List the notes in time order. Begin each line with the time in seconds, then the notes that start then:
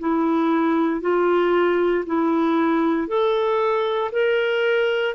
0.00 E4
1.02 F4
2.06 E4
3.08 A4
4.12 A#4